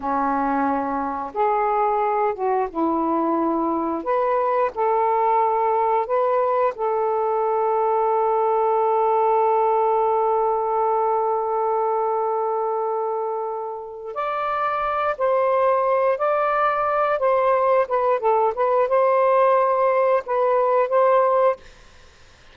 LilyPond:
\new Staff \with { instrumentName = "saxophone" } { \time 4/4 \tempo 4 = 89 cis'2 gis'4. fis'8 | e'2 b'4 a'4~ | a'4 b'4 a'2~ | a'1~ |
a'1~ | a'4 d''4. c''4. | d''4. c''4 b'8 a'8 b'8 | c''2 b'4 c''4 | }